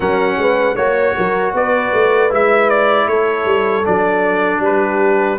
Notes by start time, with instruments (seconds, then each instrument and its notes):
0.00 tuba F#3, trombone C#4, horn A#4, trumpet F#5
0.37 tuba G#3, horn B4
0.75 tuba A#3, trombone F#4, horn C#5, trumpet C#5
1.16 tuba F#3, horn A#4
1.53 tuba B3, horn B4, trumpet D5
1.93 tuba A3
2.30 tuba G#3, trombone E4, trumpet E5
2.69 trumpet D5
3.07 tuba A3, horn A4, trumpet C#5
3.45 tuba G3
3.84 tuba F#3, trombone D4, trumpet D5
4.58 tuba G3, horn G4, trumpet B4